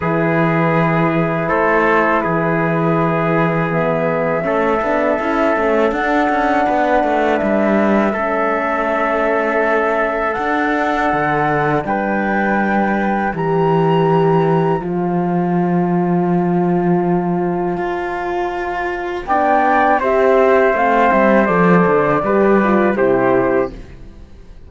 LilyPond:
<<
  \new Staff \with { instrumentName = "flute" } { \time 4/4 \tempo 4 = 81 b'2 c''4 b'4~ | b'4 e''2. | fis''2 e''2~ | e''2 fis''2 |
g''2 ais''2 | a''1~ | a''2 g''4 e''4 | f''8 e''8 d''2 c''4 | }
  \new Staff \with { instrumentName = "trumpet" } { \time 4/4 gis'2 a'4 gis'4~ | gis'2 a'2~ | a'4 b'2 a'4~ | a'1 |
b'2 c''2~ | c''1~ | c''2 d''4 c''4~ | c''2 b'4 g'4 | }
  \new Staff \with { instrumentName = "horn" } { \time 4/4 e'1~ | e'4 b4 cis'8 d'8 e'8 cis'8 | d'2. cis'4~ | cis'2 d'2~ |
d'2 g'2 | f'1~ | f'2 d'4 g'4 | c'4 a'4 g'8 f'8 e'4 | }
  \new Staff \with { instrumentName = "cello" } { \time 4/4 e2 a4 e4~ | e2 a8 b8 cis'8 a8 | d'8 cis'8 b8 a8 g4 a4~ | a2 d'4 d4 |
g2 e2 | f1 | f'2 b4 c'4 | a8 g8 f8 d8 g4 c4 | }
>>